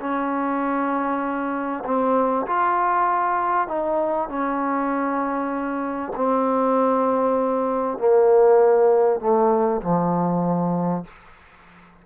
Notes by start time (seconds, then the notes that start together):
0.00 C#4
1.85 C4
2.47 F4
3.68 D#4
4.29 C#4
6.16 C4
7.98 A#3
9.20 A3
9.82 F3